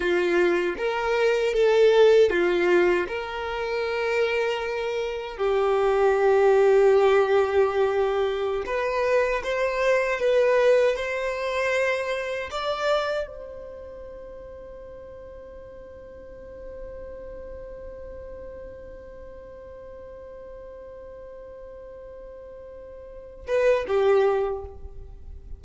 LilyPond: \new Staff \with { instrumentName = "violin" } { \time 4/4 \tempo 4 = 78 f'4 ais'4 a'4 f'4 | ais'2. g'4~ | g'2.~ g'16 b'8.~ | b'16 c''4 b'4 c''4.~ c''16~ |
c''16 d''4 c''2~ c''8.~ | c''1~ | c''1~ | c''2~ c''8 b'8 g'4 | }